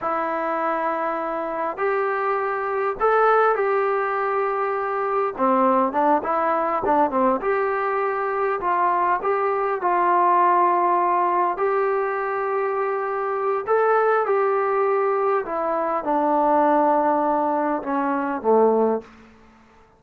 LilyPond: \new Staff \with { instrumentName = "trombone" } { \time 4/4 \tempo 4 = 101 e'2. g'4~ | g'4 a'4 g'2~ | g'4 c'4 d'8 e'4 d'8 | c'8 g'2 f'4 g'8~ |
g'8 f'2. g'8~ | g'2. a'4 | g'2 e'4 d'4~ | d'2 cis'4 a4 | }